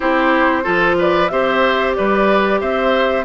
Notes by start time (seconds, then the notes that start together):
0.00 C4 E4 G4 C5
0.63 F3 F4 A4
0.98 B4 D5
1.28 C4 G4 C5 E5
1.95 G3 B4 D5
2.60 C4 C5 E5